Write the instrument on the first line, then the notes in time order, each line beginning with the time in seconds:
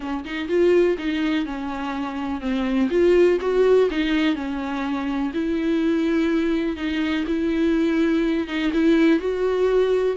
viola
0.00 C#4
0.24 D#4
0.48 F4
0.98 D#4
1.45 C#4
2.41 C4
2.90 F4
3.40 F#4
3.90 D#4
4.35 C#4
5.33 E4
6.76 D#4
7.27 E4
8.47 D#4
8.73 E4
9.19 F#4